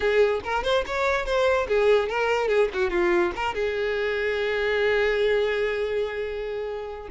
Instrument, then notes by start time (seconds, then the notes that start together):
violin
0.00 G#4
0.43 A#4
0.63 C5
0.86 C#5
1.25 C5
1.68 G#4
2.09 A#4
2.48 G#4
2.73 F#4
2.90 F4
3.35 A#4
3.54 G#4